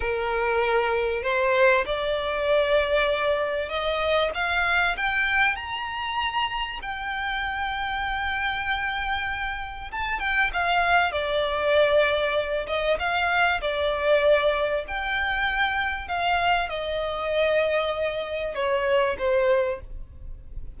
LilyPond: \new Staff \with { instrumentName = "violin" } { \time 4/4 \tempo 4 = 97 ais'2 c''4 d''4~ | d''2 dis''4 f''4 | g''4 ais''2 g''4~ | g''1 |
a''8 g''8 f''4 d''2~ | d''8 dis''8 f''4 d''2 | g''2 f''4 dis''4~ | dis''2 cis''4 c''4 | }